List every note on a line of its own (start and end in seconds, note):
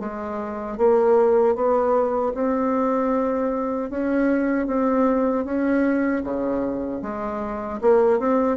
0.00 0.78 G#3
0.78 1.55 A#3
1.55 2.33 B3
2.35 3.90 C4
3.90 4.67 C#4
4.67 5.45 C4
5.45 6.23 C#4
6.24 7.02 C#3
7.02 7.80 G#3
7.82 8.20 A#3
8.20 8.57 C4